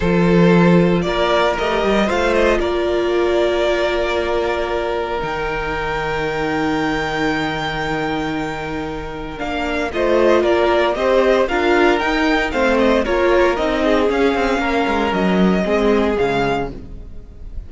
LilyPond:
<<
  \new Staff \with { instrumentName = "violin" } { \time 4/4 \tempo 4 = 115 c''2 d''4 dis''4 | f''8 dis''8 d''2.~ | d''2 g''2~ | g''1~ |
g''2 f''4 dis''4 | d''4 dis''4 f''4 g''4 | f''8 dis''8 cis''4 dis''4 f''4~ | f''4 dis''2 f''4 | }
  \new Staff \with { instrumentName = "violin" } { \time 4/4 a'2 ais'2 | c''4 ais'2.~ | ais'1~ | ais'1~ |
ais'2. c''4 | ais'4 c''4 ais'2 | c''4 ais'4. gis'4. | ais'2 gis'2 | }
  \new Staff \with { instrumentName = "viola" } { \time 4/4 f'2. g'4 | f'1~ | f'2 dis'2~ | dis'1~ |
dis'2 d'4 f'4~ | f'4 g'4 f'4 dis'4 | c'4 f'4 dis'4 cis'4~ | cis'2 c'4 gis4 | }
  \new Staff \with { instrumentName = "cello" } { \time 4/4 f2 ais4 a8 g8 | a4 ais2.~ | ais2 dis2~ | dis1~ |
dis2 ais4 a4 | ais4 c'4 d'4 dis'4 | a4 ais4 c'4 cis'8 c'8 | ais8 gis8 fis4 gis4 cis4 | }
>>